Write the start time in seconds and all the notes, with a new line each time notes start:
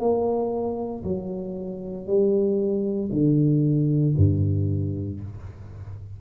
0.00 A#3
1.04 F#3
2.07 G3
3.12 D3
4.17 G2